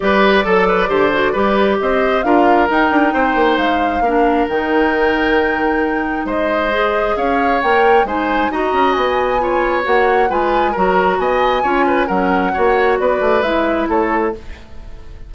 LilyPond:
<<
  \new Staff \with { instrumentName = "flute" } { \time 4/4 \tempo 4 = 134 d''1 | dis''4 f''4 g''2 | f''2 g''2~ | g''2 dis''2 |
f''4 g''4 gis''4 ais''4 | gis''2 fis''4 gis''4 | ais''4 gis''2 fis''4~ | fis''4 d''4 e''4 cis''4 | }
  \new Staff \with { instrumentName = "oboe" } { \time 4/4 b'4 a'8 b'8 c''4 b'4 | c''4 ais'2 c''4~ | c''4 ais'2.~ | ais'2 c''2 |
cis''2 c''4 dis''4~ | dis''4 cis''2 b'4 | ais'4 dis''4 cis''8 b'8 ais'4 | cis''4 b'2 a'4 | }
  \new Staff \with { instrumentName = "clarinet" } { \time 4/4 g'4 a'4 g'8 fis'8 g'4~ | g'4 f'4 dis'2~ | dis'4 d'4 dis'2~ | dis'2. gis'4~ |
gis'4 ais'4 dis'4 fis'4~ | fis'4 f'4 fis'4 f'4 | fis'2 f'4 cis'4 | fis'2 e'2 | }
  \new Staff \with { instrumentName = "bassoon" } { \time 4/4 g4 fis4 d4 g4 | c'4 d'4 dis'8 d'8 c'8 ais8 | gis4 ais4 dis2~ | dis2 gis2 |
cis'4 ais4 gis4 dis'8 cis'8 | b2 ais4 gis4 | fis4 b4 cis'4 fis4 | ais4 b8 a8 gis4 a4 | }
>>